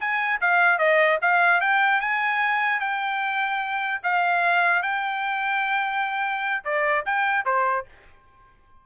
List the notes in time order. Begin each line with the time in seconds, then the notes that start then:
0.00 G#5
0.41 F5
0.79 D#5
1.22 F5
1.61 G5
2.01 G#5
2.80 G5
4.03 F5
4.83 G5
6.64 D5
7.06 G5
7.45 C5